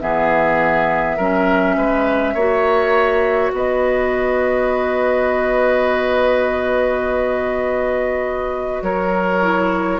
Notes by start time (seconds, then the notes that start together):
0.00 E3 B3 G#4 E5
1.17 F#3 C#4 A#4
1.77 G#3 B4
2.34 A#3 F#4 C#5
3.51 B3 B4 D#5
8.82 F#3 A#4 C#5
9.42 E4